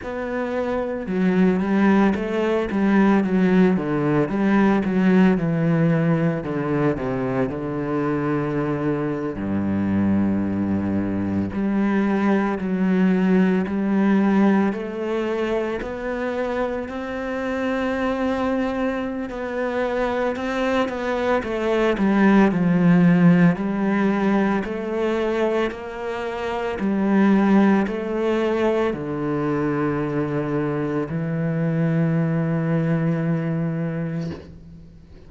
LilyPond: \new Staff \with { instrumentName = "cello" } { \time 4/4 \tempo 4 = 56 b4 fis8 g8 a8 g8 fis8 d8 | g8 fis8 e4 d8 c8 d4~ | d8. g,2 g4 fis16~ | fis8. g4 a4 b4 c'16~ |
c'2 b4 c'8 b8 | a8 g8 f4 g4 a4 | ais4 g4 a4 d4~ | d4 e2. | }